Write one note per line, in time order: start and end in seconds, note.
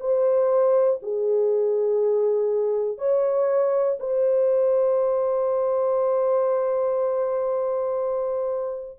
0.00 1.00 C5
1.02 2.98 G#4
2.98 3.98 C#5
4.00 8.99 C5